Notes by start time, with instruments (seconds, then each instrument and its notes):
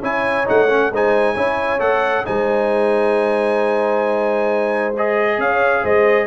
0.00 tuba C#4, trombone E4, horn C#5, trumpet G#5
0.46 tuba A3, trombone D#4, trumpet F#5
0.70 trombone C#4
0.92 tuba G#3, trombone D#4, horn C5, trumpet G#5
1.35 tuba C#4, trombone E4, horn C#5
1.80 tuba A3, trombone A4, trumpet F#5
2.25 tuba G#3, trombone D#4, horn C5, trumpet G#5
4.97 trombone G#4, trumpet D#5
5.38 tuba C#4, horn C#5, trumpet F5
5.83 tuba G#3, horn C5, trumpet D#5